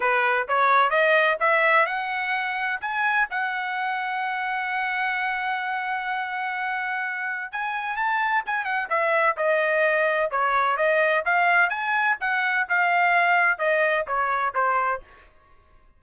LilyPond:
\new Staff \with { instrumentName = "trumpet" } { \time 4/4 \tempo 4 = 128 b'4 cis''4 dis''4 e''4 | fis''2 gis''4 fis''4~ | fis''1~ | fis''1 |
gis''4 a''4 gis''8 fis''8 e''4 | dis''2 cis''4 dis''4 | f''4 gis''4 fis''4 f''4~ | f''4 dis''4 cis''4 c''4 | }